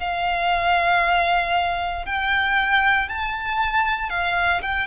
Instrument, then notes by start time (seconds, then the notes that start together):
violin
0.00 F5
2.05 G5
3.09 A5
4.10 F5
4.62 G5